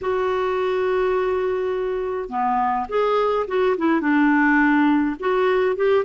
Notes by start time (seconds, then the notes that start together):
0.01 F#4
2.29 B3
2.88 G#4
3.47 F#4
3.77 E4
4.00 D4
5.19 F#4
5.76 G4